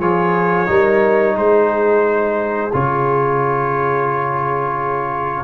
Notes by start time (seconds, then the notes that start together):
0.00 F3 F4 G#4 C#5
0.67 G3 D#4 A#4
1.37 G#3 G#4 C5
2.73 C#3 F4 C#5